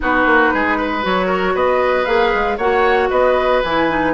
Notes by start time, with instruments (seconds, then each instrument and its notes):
0.00 bassoon B3, clarinet D#4, oboe F#4, flute B4
0.25 bassoon A#3
0.53 bassoon G#3, oboe G#4
0.77 oboe B4
1.02 bassoon F#3, clarinet F#4, flute C#5
1.26 oboe A#4
1.54 bassoon B3, oboe B4, flute D#5
2.05 bassoon A#3, clarinet G#4, flute F5
2.34 bassoon G#3
2.57 bassoon A#3, clarinet F#4, oboe C#5, flute F#5
3.09 bassoon B3, oboe B4, flute D#5
3.63 bassoon E3, clarinet E4, flute G#5
3.89 clarinet D#4